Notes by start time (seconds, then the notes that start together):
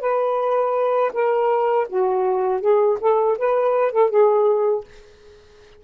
0.00 B4
1.13 A#4
1.89 F#4
2.61 G#4
3.00 A4
3.38 B4
3.92 A4
4.10 G#4